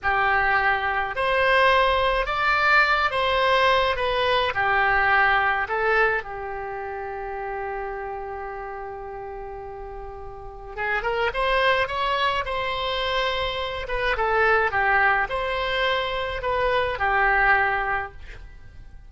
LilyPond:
\new Staff \with { instrumentName = "oboe" } { \time 4/4 \tempo 4 = 106 g'2 c''2 | d''4. c''4. b'4 | g'2 a'4 g'4~ | g'1~ |
g'2. gis'8 ais'8 | c''4 cis''4 c''2~ | c''8 b'8 a'4 g'4 c''4~ | c''4 b'4 g'2 | }